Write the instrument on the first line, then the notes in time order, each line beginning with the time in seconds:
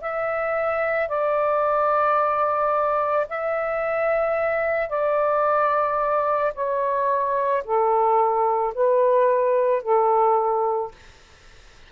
saxophone
0.00 E5
1.08 D5
3.29 E5
4.89 D5
6.54 C#5
7.64 A4
8.74 B4
9.82 A4